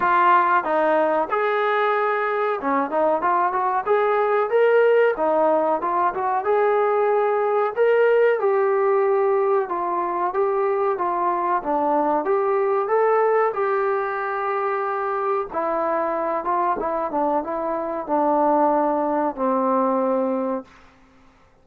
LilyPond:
\new Staff \with { instrumentName = "trombone" } { \time 4/4 \tempo 4 = 93 f'4 dis'4 gis'2 | cis'8 dis'8 f'8 fis'8 gis'4 ais'4 | dis'4 f'8 fis'8 gis'2 | ais'4 g'2 f'4 |
g'4 f'4 d'4 g'4 | a'4 g'2. | e'4. f'8 e'8 d'8 e'4 | d'2 c'2 | }